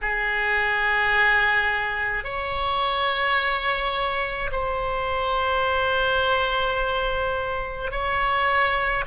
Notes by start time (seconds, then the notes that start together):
0.01 G#4
2.24 C#5
4.51 C5
7.91 C#5